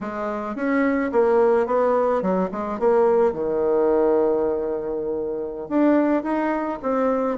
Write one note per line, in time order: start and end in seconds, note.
0.01 0.55 G#3
0.55 1.11 C#4
1.12 1.66 A#3
1.66 2.21 B3
2.21 2.49 F#3
2.51 2.79 G#3
2.79 3.32 A#3
3.32 5.68 D#3
5.68 6.23 D4
6.23 6.78 D#4
6.82 7.37 C4